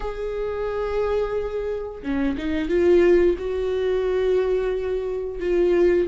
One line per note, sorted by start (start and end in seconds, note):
0.00 2.02 G#4
2.02 2.36 C#4
2.37 2.68 D#4
2.68 3.36 F4
3.38 5.40 F#4
5.40 6.07 F4